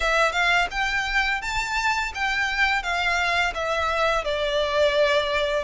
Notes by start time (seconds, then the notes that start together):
0.00 E5
0.32 F5
0.71 G5
1.41 A5
2.14 G5
2.82 F5
3.54 E5
4.24 D5